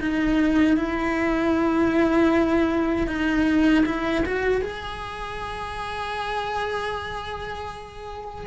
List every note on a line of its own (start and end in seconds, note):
0.00 0.77 D#4
0.77 3.07 E4
3.07 3.84 D#4
3.86 4.24 E4
4.26 4.62 F#4
4.62 8.47 G#4